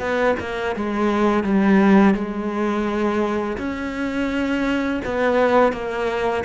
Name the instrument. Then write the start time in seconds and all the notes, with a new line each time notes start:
cello
0.00 B3
0.40 A#3
0.76 G#3
1.44 G3
2.15 G#3
3.58 C#4
5.05 B3
5.73 A#3